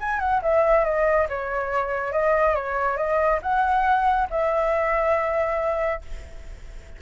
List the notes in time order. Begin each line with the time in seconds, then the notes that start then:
0.00 G#5
0.19 F#5
0.42 E5
0.85 D#5
1.29 C#5
2.12 D#5
2.55 C#5
2.97 D#5
3.42 F#5
4.30 E5